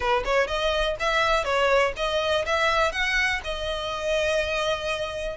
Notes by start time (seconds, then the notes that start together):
0.00 B4
0.25 C#5
0.47 D#5
0.99 E5
1.44 C#5
1.96 D#5
2.45 E5
2.92 F#5
3.43 D#5